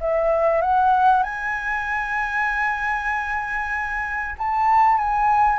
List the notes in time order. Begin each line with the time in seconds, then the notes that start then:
0.00 E5
0.61 F#5
1.23 G#5
4.38 A5
4.97 G#5